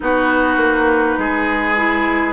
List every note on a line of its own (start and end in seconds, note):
0.00 0.56 B3
0.00 1.75 D#4
0.00 1.19 F#4
0.00 2.33 B4
0.56 1.15 A#3
1.18 2.33 G#3
1.18 2.33 G#4
1.76 2.33 E4